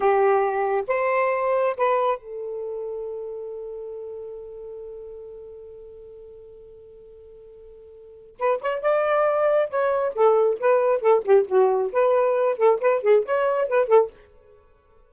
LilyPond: \new Staff \with { instrumentName = "saxophone" } { \time 4/4 \tempo 4 = 136 g'2 c''2 | b'4 a'2.~ | a'1~ | a'1~ |
a'2. b'8 cis''8 | d''2 cis''4 a'4 | b'4 a'8 g'8 fis'4 b'4~ | b'8 a'8 b'8 gis'8 cis''4 b'8 a'8 | }